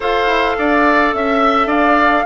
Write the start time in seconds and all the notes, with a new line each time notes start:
0.00 F4 A4 C5 F5
0.26 E4
0.58 D4 D5
1.13 C#4 E5
1.66 D4 D5 F5